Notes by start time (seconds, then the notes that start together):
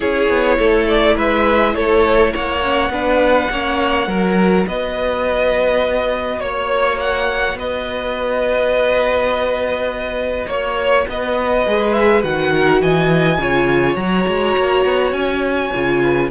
0.00 C#4 E4 G#4 C#5
0.29 B3
0.58 A3 A4
0.87 D5
1.15 G#3 B4 E5
1.75 A3 A4 C#5
2.33 A#3 C#5 F#5
2.62 C#4
2.89 B3 D4 B4
3.50 A#3 C#4 C#5
4.06 F#3 F#4 A#4
4.67 B3 B4 D#5
6.39 A#3 C#5
7.00 F#5
7.54 B3 B4 D#5
10.46 A#3 C#5
11.08 B3 B4 D#5
11.66 G#3 G#4
11.92 E5
12.22 D#3 F#4 F#5
12.52 A#4
12.81 E3 D#5 G#5
13.38 C#3 F4 C#5
13.95 F#3 F#4 A#5
14.27 G#3
14.57 A#3
14.85 B3
15.12 C#4 G#5
15.73 C#3 F4
16.02 B4